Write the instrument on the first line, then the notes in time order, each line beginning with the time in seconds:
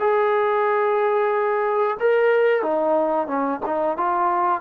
trombone
0.00 G#4
2.00 A#4
2.63 D#4
3.28 C#4
3.66 D#4
3.98 F4